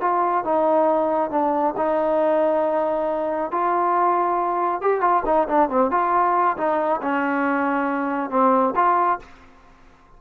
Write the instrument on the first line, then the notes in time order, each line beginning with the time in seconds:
trombone
0.00 F4
0.44 D#4
1.30 D4
1.76 D#4
3.51 F4
4.81 G4
5.01 F4
5.25 D#4
5.48 D4
5.69 C4
5.91 F4
6.57 D#4
7.02 C#4
8.30 C4
8.75 F4